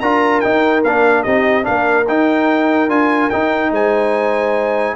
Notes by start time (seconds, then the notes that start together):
0.00 D4 F4 A#4 A#5
0.40 D#4 G5
0.84 A#3 D4 F5
1.23 C4 D#4 G4 D#5
1.62 A#3 D4 A#4 F5
2.07 D#4 G5
2.88 D4 F4 G#5
3.29 D#4 G5
3.70 G#3 C5 G#5